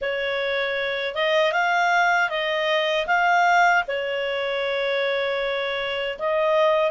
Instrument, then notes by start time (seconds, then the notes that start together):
clarinet
0.01 C#5
1.15 D#5
1.52 F5
2.29 D#5
3.06 F5
3.87 C#5
6.18 D#5